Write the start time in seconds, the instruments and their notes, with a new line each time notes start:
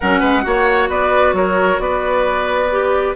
0.00 bassoon F#3, clarinet C#4, oboe A#4, flute F#5
0.19 bassoon G#3, oboe B4
0.42 bassoon A#3, clarinet F#4, oboe C#5
0.89 bassoon B3, oboe B4, flute D5
1.32 bassoon F#3, oboe A#4, flute C#5
1.79 bassoon B3, oboe B4, flute D5
2.71 clarinet G4